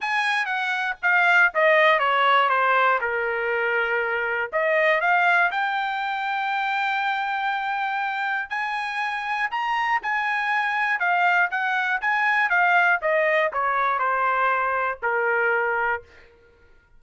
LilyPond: \new Staff \with { instrumentName = "trumpet" } { \time 4/4 \tempo 4 = 120 gis''4 fis''4 f''4 dis''4 | cis''4 c''4 ais'2~ | ais'4 dis''4 f''4 g''4~ | g''1~ |
g''4 gis''2 ais''4 | gis''2 f''4 fis''4 | gis''4 f''4 dis''4 cis''4 | c''2 ais'2 | }